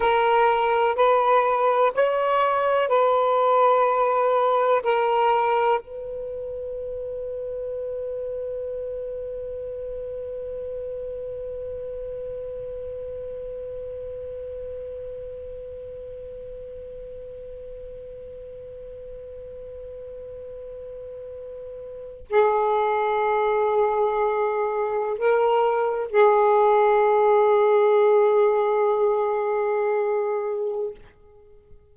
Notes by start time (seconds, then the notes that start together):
0.00 A#4
0.95 B4
1.94 C#5
2.88 B4
4.83 A#4
5.81 B4
22.29 G#4
25.17 A#4
26.10 G#4